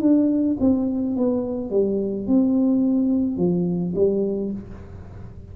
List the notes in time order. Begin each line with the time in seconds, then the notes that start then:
0.00 D4
0.60 C4
1.16 B3
1.70 G3
2.27 C4
3.37 F3
3.95 G3